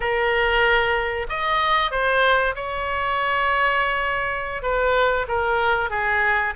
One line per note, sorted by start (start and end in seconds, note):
0.00 1.26 A#4
1.29 1.91 D#5
1.91 2.54 C5
2.55 4.62 C#5
4.62 5.26 B4
5.28 5.90 A#4
5.90 6.53 G#4